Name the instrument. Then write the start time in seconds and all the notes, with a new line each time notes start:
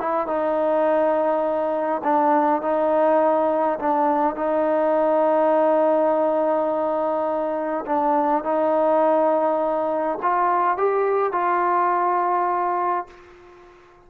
trombone
0.00 E4
0.27 D#4
2.04 D4
2.62 D#4
3.79 D4
4.36 D#4
7.86 D4
8.44 D#4
10.23 F4
10.78 G4
11.32 F4